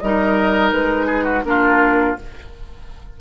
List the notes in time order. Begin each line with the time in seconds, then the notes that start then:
0.00 G3 D#4 A#4 D#5
0.72 G#3 B4
1.07 G#4
1.25 F#4
1.44 A#3 D4 F4 A#4